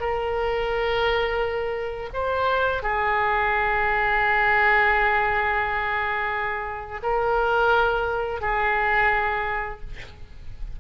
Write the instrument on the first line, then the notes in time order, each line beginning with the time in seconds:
oboe
0.00 A#4
2.13 C5
2.82 G#4
7.03 A#4
8.41 G#4